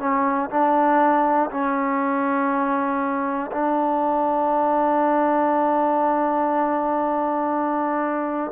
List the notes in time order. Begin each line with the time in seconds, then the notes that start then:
0.00 C#4
0.50 D4
1.50 C#4
3.52 D4